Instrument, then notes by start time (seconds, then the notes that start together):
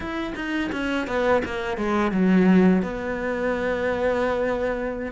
cello
0.00 E4
0.35 D#4
0.72 C#4
1.07 B3
1.44 A#3
1.76 G#3
2.11 F#3
2.82 B3